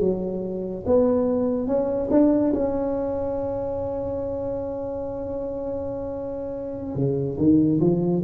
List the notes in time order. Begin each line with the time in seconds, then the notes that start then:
0.00 F#3
0.86 B3
1.67 C#4
2.11 D4
2.54 C#4
6.95 C#3
7.38 D#3
7.81 F3